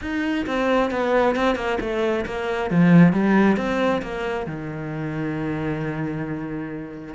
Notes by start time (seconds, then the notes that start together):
0.01 D#4
0.46 C4
0.90 B3
1.35 C4
1.55 A#3
1.80 A3
2.25 A#3
2.70 F3
3.13 G3
3.57 C4
4.02 A#3
4.46 D#3